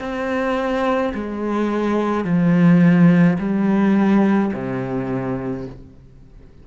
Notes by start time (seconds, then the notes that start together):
0.00 C4
1.15 G#3
2.25 F3
3.39 G3
4.54 C3